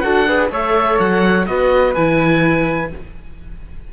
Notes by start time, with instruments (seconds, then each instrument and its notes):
0.00 cello D4, viola F#4, flute A4, oboe F#5
0.27 viola G#4, flute B4
0.50 cello A3, viola A4, flute C#5, oboe E5
0.99 cello F#3, oboe F#5
1.46 cello B3, viola F#4, flute B4, oboe D#5
1.94 cello E3, viola E4, oboe G#5